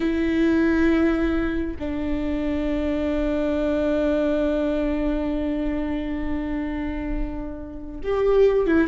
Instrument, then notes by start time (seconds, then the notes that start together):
viola
0.00 E4
1.79 D4
8.03 G4
8.66 E4